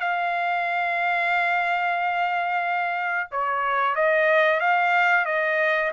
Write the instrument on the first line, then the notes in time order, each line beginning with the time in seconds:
trumpet
0.00 F5
3.31 C#5
3.95 D#5
4.60 F5
5.26 D#5